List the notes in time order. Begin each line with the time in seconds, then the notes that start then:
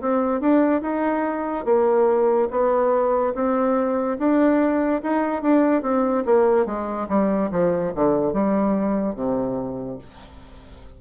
0.00 C4
0.40 D4
0.81 D#4
1.65 A#3
2.50 B3
3.34 C4
4.18 D4
5.02 D#4
5.42 D4
5.82 C4
6.25 A#3
6.65 G#3
7.08 G3
7.50 F3
7.95 D3
8.33 G3
9.14 C3